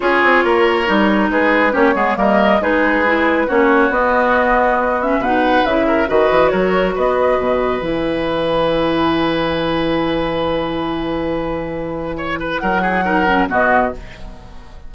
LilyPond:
<<
  \new Staff \with { instrumentName = "flute" } { \time 4/4 \tempo 4 = 138 cis''2. b'4 | cis''4 dis''4 b'2 | cis''4 dis''2~ dis''8 e''8 | fis''4 e''4 dis''4 cis''4 |
dis''2 gis''2~ | gis''1~ | gis''1~ | gis''4 fis''2 dis''4 | }
  \new Staff \with { instrumentName = "oboe" } { \time 4/4 gis'4 ais'2 gis'4 | g'8 gis'8 ais'4 gis'2 | fis'1 | b'4. ais'8 b'4 ais'4 |
b'1~ | b'1~ | b'1 | cis''8 b'8 ais'8 gis'8 ais'4 fis'4 | }
  \new Staff \with { instrumentName = "clarinet" } { \time 4/4 f'2 dis'2 | cis'8 b8 ais4 dis'4 e'4 | cis'4 b2~ b8 cis'8 | dis'4 e'4 fis'2~ |
fis'2 e'2~ | e'1~ | e'1~ | e'2 dis'8 cis'8 b4 | }
  \new Staff \with { instrumentName = "bassoon" } { \time 4/4 cis'8 c'8 ais4 g4 gis4 | ais8 gis8 g4 gis2 | ais4 b2. | b,4 cis4 dis8 e8 fis4 |
b4 b,4 e2~ | e1~ | e1~ | e4 fis2 b,4 | }
>>